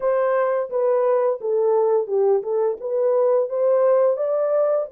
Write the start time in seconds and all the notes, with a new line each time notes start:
0.00 C5
0.70 B4
1.40 A4
2.07 G4
2.43 A4
2.80 B4
3.49 C5
4.16 D5